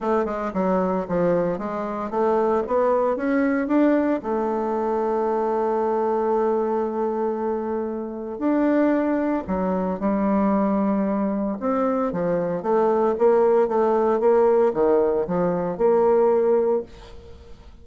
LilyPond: \new Staff \with { instrumentName = "bassoon" } { \time 4/4 \tempo 4 = 114 a8 gis8 fis4 f4 gis4 | a4 b4 cis'4 d'4 | a1~ | a1 |
d'2 fis4 g4~ | g2 c'4 f4 | a4 ais4 a4 ais4 | dis4 f4 ais2 | }